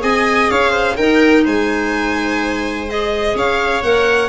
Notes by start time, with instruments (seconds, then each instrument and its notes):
0.00 tuba C4, clarinet G#4, viola D#5, violin G#5
0.50 tuba C#4, viola C#5, violin F5
0.70 viola C5
0.96 tuba D#4, clarinet D#4, viola A#4, violin G5
1.44 tuba G#3, viola C5, violin G#5
2.87 clarinet G#4, violin D#5
3.34 tuba C#4, viola C#5, violin F5
3.82 tuba A#3, clarinet A#4, violin F#5